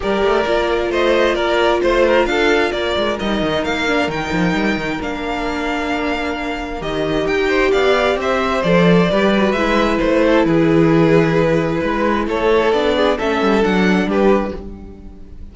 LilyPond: <<
  \new Staff \with { instrumentName = "violin" } { \time 4/4 \tempo 4 = 132 d''2 dis''4 d''4 | c''4 f''4 d''4 dis''4 | f''4 g''2 f''4~ | f''2. dis''4 |
g''4 f''4 e''4 d''4~ | d''4 e''4 c''4 b'4~ | b'2. cis''4 | d''4 e''4 fis''4 b'4 | }
  \new Staff \with { instrumentName = "violin" } { \time 4/4 ais'2 c''4 ais'4 | c''8 ais'8 a'4 ais'2~ | ais'1~ | ais'1~ |
ais'8 c''8 d''4 c''2 | b'2~ b'8 a'8 gis'4~ | gis'2 b'4 a'4~ | a'8 gis'8 a'2 g'4 | }
  \new Staff \with { instrumentName = "viola" } { \time 4/4 g'4 f'2.~ | f'2. dis'4~ | dis'8 d'8 dis'2 d'4~ | d'2. g'4~ |
g'2. a'4 | g'8 fis'8 e'2.~ | e'1 | d'4 cis'4 d'2 | }
  \new Staff \with { instrumentName = "cello" } { \time 4/4 g8 a8 ais4 a4 ais4 | a4 d'4 ais8 gis8 g8 dis8 | ais4 dis8 f8 g8 dis8 ais4~ | ais2. dis4 |
dis'4 b4 c'4 f4 | g4 gis4 a4 e4~ | e2 gis4 a4 | b4 a8 g8 fis4 g4 | }
>>